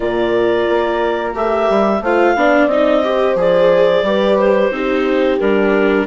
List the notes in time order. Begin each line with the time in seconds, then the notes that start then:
0.00 A#2 F4 A#4 D5
0.69 A#3
1.33 A3 G4 E5
1.69 G3
2.01 A3 F4 C5 F5
2.36 B3 D4 D5
2.67 C4 D#4 D#5
3.03 G4 C5
3.35 F3 G#4 D5
4.02 G3 G4 B4
4.38 C5
4.71 C4 D#4 G4
5.39 G3 D4 A#4